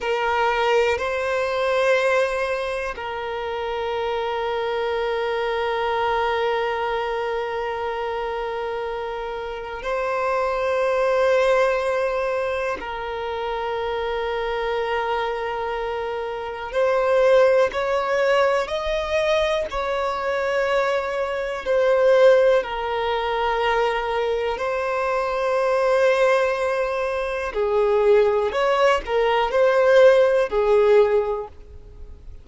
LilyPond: \new Staff \with { instrumentName = "violin" } { \time 4/4 \tempo 4 = 61 ais'4 c''2 ais'4~ | ais'1~ | ais'2 c''2~ | c''4 ais'2.~ |
ais'4 c''4 cis''4 dis''4 | cis''2 c''4 ais'4~ | ais'4 c''2. | gis'4 cis''8 ais'8 c''4 gis'4 | }